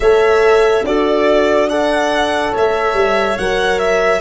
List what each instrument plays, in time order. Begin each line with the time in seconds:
0.00 tuba A3, horn A4, clarinet C#5, violin E5
0.83 tuba D4, horn F#4, clarinet A4, violin D5
1.69 horn A4, clarinet D5, violin F#5
2.52 tuba A3, clarinet C#5, violin E5
2.93 tuba G3
3.38 tuba F#3, horn A#4, violin F#5
3.79 violin E5